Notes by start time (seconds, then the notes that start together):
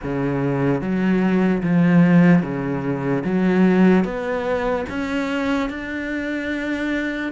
0.03 C#3
0.81 F#3
1.63 F3
2.42 C#3
3.24 F#3
4.04 B3
4.89 C#4
5.69 D4